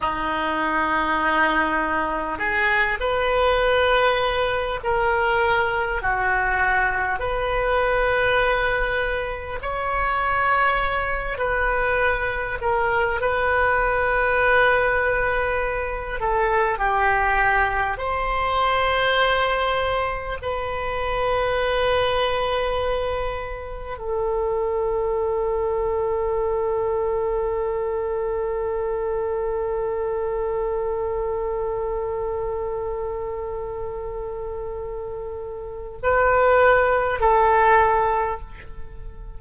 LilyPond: \new Staff \with { instrumentName = "oboe" } { \time 4/4 \tempo 4 = 50 dis'2 gis'8 b'4. | ais'4 fis'4 b'2 | cis''4. b'4 ais'8 b'4~ | b'4. a'8 g'4 c''4~ |
c''4 b'2. | a'1~ | a'1~ | a'2 b'4 a'4 | }